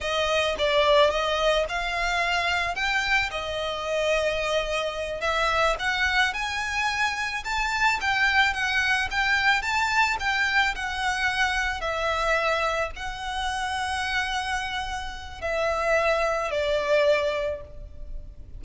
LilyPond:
\new Staff \with { instrumentName = "violin" } { \time 4/4 \tempo 4 = 109 dis''4 d''4 dis''4 f''4~ | f''4 g''4 dis''2~ | dis''4. e''4 fis''4 gis''8~ | gis''4. a''4 g''4 fis''8~ |
fis''8 g''4 a''4 g''4 fis''8~ | fis''4. e''2 fis''8~ | fis''1 | e''2 d''2 | }